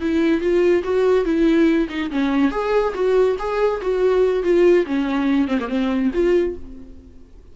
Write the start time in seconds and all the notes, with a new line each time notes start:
0.00 E4
0.40 F4
0.83 F#4
1.24 E4
1.89 D#4
2.10 C#4
2.51 G#4
2.94 F#4
3.38 G#4
3.81 F#4
4.43 F4
4.86 C#4
5.48 C4
5.59 A#3
5.69 C4
6.13 F4